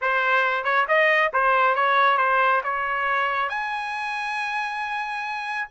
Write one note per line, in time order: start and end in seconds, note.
0.01 0.64 C5
0.64 0.85 C#5
0.88 1.31 D#5
1.33 1.75 C5
1.75 2.17 C#5
2.17 2.61 C5
2.63 3.49 C#5
3.49 5.68 G#5